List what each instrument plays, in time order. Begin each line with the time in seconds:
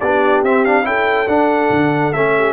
0.00 tuba B3, trombone D4, horn G4, trumpet D5
0.42 tuba C4, trombone C4, trumpet E5
0.65 trombone D4, trumpet F5
0.84 tuba C#4, trombone E4, horn A4, trumpet G5
1.27 tuba D4, trombone D4, trumpet F#5
1.70 tuba D3
2.13 tuba A3, trombone C#4, trumpet E5
2.37 horn G4